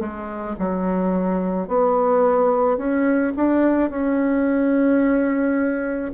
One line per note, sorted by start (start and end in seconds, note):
0.00 0.56 G#3
0.60 1.68 F#3
1.68 2.78 B3
2.78 3.33 C#4
3.36 3.90 D4
3.90 6.12 C#4